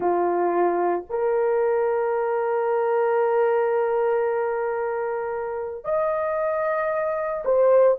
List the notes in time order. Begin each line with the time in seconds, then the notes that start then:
0.00 F4
1.09 A#4
5.84 D#5
7.45 C5